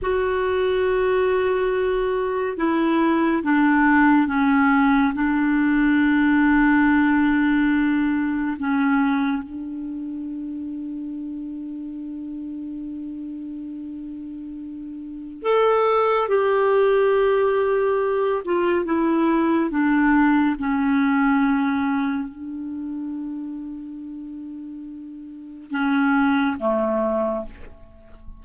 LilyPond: \new Staff \with { instrumentName = "clarinet" } { \time 4/4 \tempo 4 = 70 fis'2. e'4 | d'4 cis'4 d'2~ | d'2 cis'4 d'4~ | d'1~ |
d'2 a'4 g'4~ | g'4. f'8 e'4 d'4 | cis'2 d'2~ | d'2 cis'4 a4 | }